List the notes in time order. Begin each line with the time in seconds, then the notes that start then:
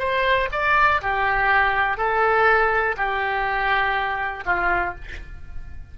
0.00 C5
0.53 D5
1.02 G4
1.98 A4
2.97 G4
4.46 F4